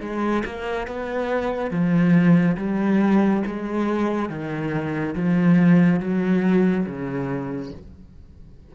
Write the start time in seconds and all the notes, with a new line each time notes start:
0.00 G#3
0.45 A#3
0.87 B3
1.71 F3
2.57 G3
3.46 G#3
4.29 D#3
5.15 F3
6.00 F#3
6.86 C#3